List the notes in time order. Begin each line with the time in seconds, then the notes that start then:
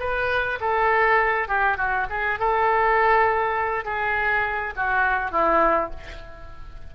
0.00 B4
0.60 A4
1.48 G4
1.78 F#4
2.10 G#4
2.40 A4
3.85 G#4
4.76 F#4
5.31 E4